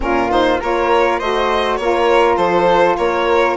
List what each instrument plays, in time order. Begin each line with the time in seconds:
0.00 bassoon A#2, saxophone C#4, flute F4, violin A#4
0.29 saxophone D#4, violin C5
0.60 bassoon A#3, saxophone F4, flute A#4, violin C#5
1.18 bassoon A3, saxophone F#4, flute C5, violin D#5
1.76 bassoon A#3, saxophone F4, flute A#4, violin C#5
2.36 bassoon F3, flute A4, violin C5
2.97 bassoon A#3, flute A#4, violin C#5